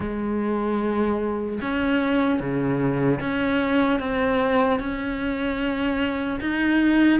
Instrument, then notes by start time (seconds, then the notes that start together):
cello
0.00 G#3
1.61 C#4
2.40 C#3
3.20 C#4
3.99 C4
4.79 C#4
6.40 D#4